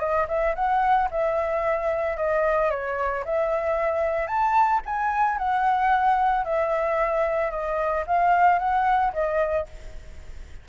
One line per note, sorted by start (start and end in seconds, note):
0.00 0.27 D#5
0.28 0.55 E5
0.56 1.09 F#5
1.11 2.17 E5
2.17 2.71 D#5
2.71 3.25 C#5
3.25 4.28 E5
4.28 4.81 A5
4.86 5.39 G#5
5.39 6.45 F#5
6.45 7.51 E5
7.51 8.05 D#5
8.07 8.59 F5
8.59 9.13 F#5
9.14 9.67 D#5